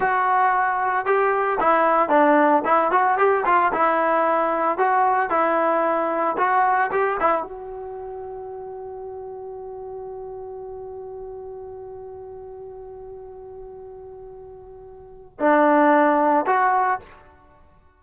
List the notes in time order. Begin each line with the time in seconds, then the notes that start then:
0.00 F#4
1.05 G4
1.59 E4
2.09 D4
2.64 E4
2.91 F#4
3.18 G4
3.45 F4
3.72 E4
4.78 F#4
5.30 E4
6.37 F#4
6.91 G4
7.20 E4
7.42 F#4
15.39 D4
16.46 F#4